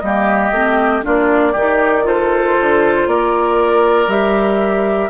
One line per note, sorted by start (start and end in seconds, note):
0.00 0.51 G3
0.00 0.53 A#3
0.00 1.05 G4
0.00 1.02 D#5
0.51 1.02 A3
0.51 1.02 C4
1.02 1.55 A#3
1.02 1.53 D4
1.02 1.52 F4
1.02 2.07 D5
1.52 2.57 D#3
1.52 2.03 D#4
1.52 2.03 G4
2.03 4.06 F4
2.03 3.08 A4
2.03 3.08 C5
2.60 3.06 D3
3.06 4.07 A#3
3.06 5.10 A#4
3.06 4.10 D5
4.07 5.09 G3
4.07 5.10 G4
4.07 5.10 E5